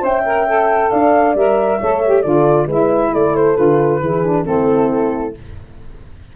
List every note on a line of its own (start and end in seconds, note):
0.00 0.91 C#4
0.00 0.22 C5
0.00 0.91 E5
0.00 0.91 G5
0.25 0.47 A#4
0.47 1.36 A4
0.91 1.35 D4
0.91 1.80 D5
0.91 1.35 F5
1.35 1.79 G3
1.35 1.81 A#4
1.35 2.22 E5
1.80 2.25 A3
1.80 2.05 A4
1.80 2.24 C#5
2.05 2.24 G4
2.22 2.67 D3
2.22 2.68 F4
2.22 2.66 A4
2.22 2.67 D5
2.66 3.11 G#3
2.66 3.55 E4
2.66 3.11 B4
2.66 3.14 E5
3.14 3.58 A3
3.14 4.02 A4
3.14 3.36 D5
3.36 3.56 C5
3.55 4.01 D3
3.55 4.00 F4
3.55 4.45 B4
4.01 4.45 E3
4.01 4.25 E4
4.01 4.47 G#4
4.25 4.45 D4
4.45 5.35 A3
4.45 5.34 C4
4.45 5.36 E4
4.45 5.34 A4